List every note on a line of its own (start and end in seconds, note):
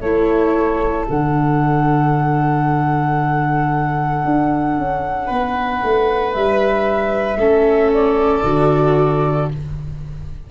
0.00 1.06 A3
0.00 1.09 E4
0.00 5.27 A4
0.00 1.05 C#5
1.09 4.25 D3
1.09 7.39 D4
1.09 6.33 F#5
4.25 4.77 D4
4.77 5.30 C#4
5.27 5.82 B3
5.27 7.37 B4
5.83 6.35 A3
6.33 7.37 G3
6.33 7.91 E5
7.37 8.42 A3
7.37 8.44 C#4
7.37 9.49 A4
7.93 9.51 D5
8.43 9.48 D3
8.43 9.49 F#4